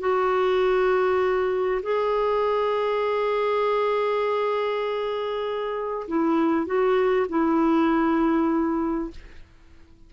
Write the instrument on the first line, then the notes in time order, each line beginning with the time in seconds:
clarinet
0.00 F#4
1.83 G#4
6.08 E4
6.66 F#4
7.29 E4